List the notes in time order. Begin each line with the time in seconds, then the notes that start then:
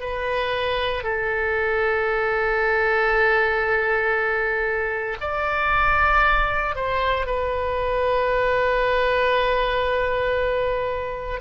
0.00 B4
1.03 A4
5.21 D5
6.75 C5
7.26 B4